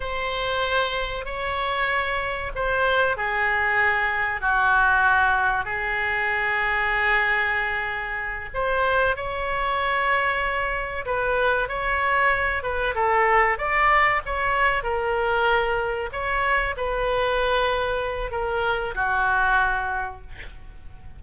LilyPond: \new Staff \with { instrumentName = "oboe" } { \time 4/4 \tempo 4 = 95 c''2 cis''2 | c''4 gis'2 fis'4~ | fis'4 gis'2.~ | gis'4. c''4 cis''4.~ |
cis''4. b'4 cis''4. | b'8 a'4 d''4 cis''4 ais'8~ | ais'4. cis''4 b'4.~ | b'4 ais'4 fis'2 | }